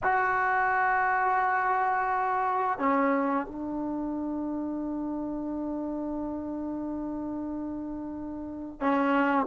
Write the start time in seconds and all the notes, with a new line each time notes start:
0.03 F#4
2.78 C#4
3.46 D4
8.80 C#4